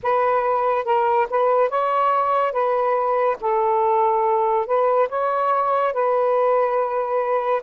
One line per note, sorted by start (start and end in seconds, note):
0.02 0.85 B4
0.85 1.27 A#4
1.29 1.69 B4
1.69 2.52 C#5
2.52 3.36 B4
3.40 4.66 A4
4.66 5.08 B4
5.08 5.93 C#5
5.93 7.62 B4